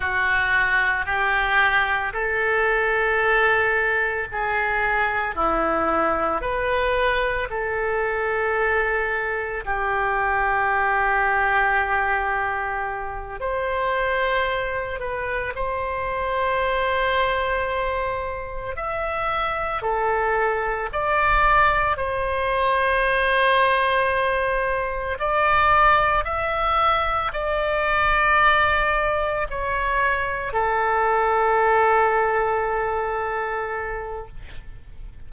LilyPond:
\new Staff \with { instrumentName = "oboe" } { \time 4/4 \tempo 4 = 56 fis'4 g'4 a'2 | gis'4 e'4 b'4 a'4~ | a'4 g'2.~ | g'8 c''4. b'8 c''4.~ |
c''4. e''4 a'4 d''8~ | d''8 c''2. d''8~ | d''8 e''4 d''2 cis''8~ | cis''8 a'2.~ a'8 | }